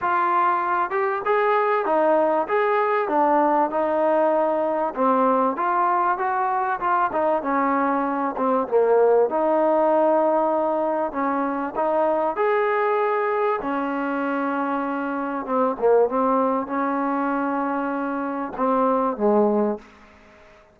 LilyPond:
\new Staff \with { instrumentName = "trombone" } { \time 4/4 \tempo 4 = 97 f'4. g'8 gis'4 dis'4 | gis'4 d'4 dis'2 | c'4 f'4 fis'4 f'8 dis'8 | cis'4. c'8 ais4 dis'4~ |
dis'2 cis'4 dis'4 | gis'2 cis'2~ | cis'4 c'8 ais8 c'4 cis'4~ | cis'2 c'4 gis4 | }